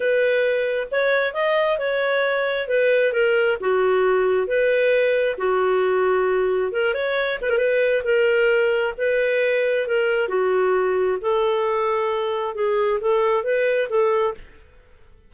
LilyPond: \new Staff \with { instrumentName = "clarinet" } { \time 4/4 \tempo 4 = 134 b'2 cis''4 dis''4 | cis''2 b'4 ais'4 | fis'2 b'2 | fis'2. ais'8 cis''8~ |
cis''8 b'16 ais'16 b'4 ais'2 | b'2 ais'4 fis'4~ | fis'4 a'2. | gis'4 a'4 b'4 a'4 | }